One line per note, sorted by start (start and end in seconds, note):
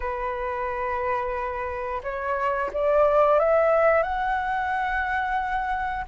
0.00 2.01 B4
2.03 2.70 C#5
2.73 3.39 D5
3.39 4.03 E5
4.03 6.05 F#5